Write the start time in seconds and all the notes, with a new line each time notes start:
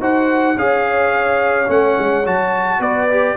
0.00 D#4 F#4 C5 F#5
0.57 C#4 G#4 C#5 F5
1.67 A3 C#4 F#5
1.99 G#3
2.26 F#3 F#4 A5
2.80 B3 B4 D5
3.11 G4